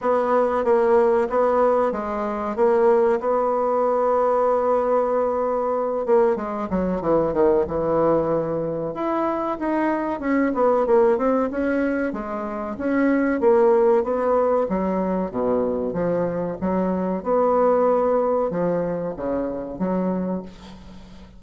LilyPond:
\new Staff \with { instrumentName = "bassoon" } { \time 4/4 \tempo 4 = 94 b4 ais4 b4 gis4 | ais4 b2.~ | b4. ais8 gis8 fis8 e8 dis8 | e2 e'4 dis'4 |
cis'8 b8 ais8 c'8 cis'4 gis4 | cis'4 ais4 b4 fis4 | b,4 f4 fis4 b4~ | b4 f4 cis4 fis4 | }